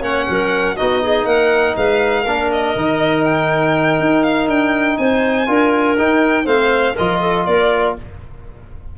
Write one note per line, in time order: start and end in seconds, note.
0.00 0.26 A#3
0.00 0.77 C#4
0.00 0.25 C#5
0.00 0.76 F#5
0.29 0.79 F#3
0.29 0.77 A#4
0.76 1.25 B3
0.76 2.26 D#4
0.76 1.02 F#4
0.76 1.26 D#5
1.02 1.26 G#4
1.25 1.74 A#3
1.25 1.76 A#4
1.25 1.75 F#5
1.77 2.26 G#3
1.77 2.23 B4
1.77 2.51 F5
2.23 2.75 A#3
2.23 2.76 D4
2.23 4.95 A#4
2.52 3.24 D#5
2.76 4.00 D#3
2.76 5.46 D#4
3.24 4.23 G5
4.00 4.48 D#4
4.23 4.48 F5
4.48 4.97 D4
4.48 4.97 G5
4.97 5.48 C4
4.97 5.49 C5
4.97 5.97 G#5
5.46 5.98 D4
5.46 5.96 F4
5.46 6.44 A#4
5.98 6.46 D#4
5.98 6.45 D#4
5.98 6.46 G5
6.44 6.96 A3
6.44 6.95 C4
6.44 6.94 C5
6.44 6.96 F5
6.94 7.47 F3
6.94 7.98 F4
6.94 7.19 A#4
6.94 7.46 D#5
7.20 7.45 A4
7.46 7.96 A#3
7.46 7.96 A#4
7.46 7.96 D5